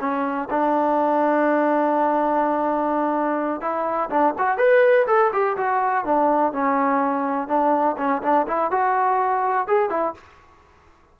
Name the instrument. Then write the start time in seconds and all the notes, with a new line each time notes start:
trombone
0.00 C#4
0.50 D4
3.61 E4
4.10 D4
4.38 F#4
4.58 B4
5.07 A4
5.32 G4
5.57 F#4
6.05 D4
6.53 C#4
7.48 D4
7.97 C#4
8.22 D4
8.47 E4
8.71 F#4
9.68 G#4
9.90 E4